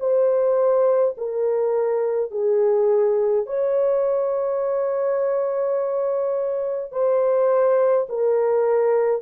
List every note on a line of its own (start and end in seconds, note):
0.00 1.15 C5
1.17 2.31 A#4
2.31 3.47 G#4
3.47 6.92 C#5
6.92 8.07 C5
8.09 9.22 A#4